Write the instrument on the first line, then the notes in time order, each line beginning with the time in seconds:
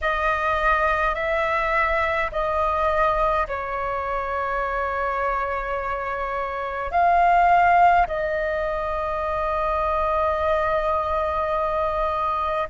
flute
0.01 D#5
1.14 E5
2.31 D#5
3.47 C#5
6.91 F5
8.07 D#5